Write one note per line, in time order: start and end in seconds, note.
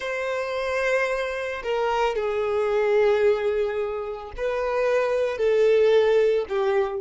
0.00 1.62 C5
1.63 2.15 A#4
2.15 4.31 G#4
4.37 5.37 B4
5.37 6.45 A4
6.48 7.01 G4